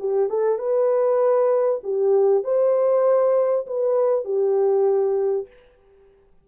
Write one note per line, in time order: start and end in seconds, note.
0.00 0.30 G4
0.30 0.59 A4
0.59 1.81 B4
1.84 2.44 G4
2.44 3.67 C5
3.67 4.25 B4
4.25 5.48 G4